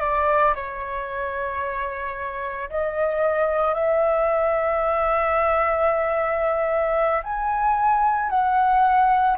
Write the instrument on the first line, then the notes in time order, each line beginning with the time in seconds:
flute
0.00 D5
0.55 C#5
2.70 D#5
3.74 E5
7.23 G#5
8.30 F#5